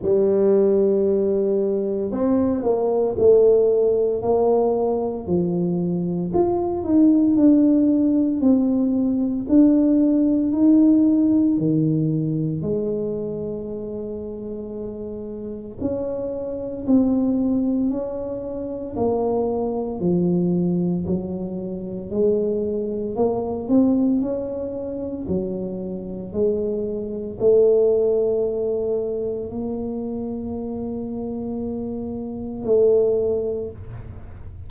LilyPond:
\new Staff \with { instrumentName = "tuba" } { \time 4/4 \tempo 4 = 57 g2 c'8 ais8 a4 | ais4 f4 f'8 dis'8 d'4 | c'4 d'4 dis'4 dis4 | gis2. cis'4 |
c'4 cis'4 ais4 f4 | fis4 gis4 ais8 c'8 cis'4 | fis4 gis4 a2 | ais2. a4 | }